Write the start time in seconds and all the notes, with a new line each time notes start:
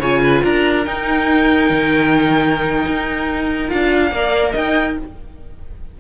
0.00 C#3 F4 C#5 G#5
0.24 B4
0.43 D4 A#4 A#5
0.85 D#4 G5
1.70 D#3
2.87 D#4
3.69 D4 F4 F5
4.12 A#3 A#4 D5
4.52 D#4 D#5 G5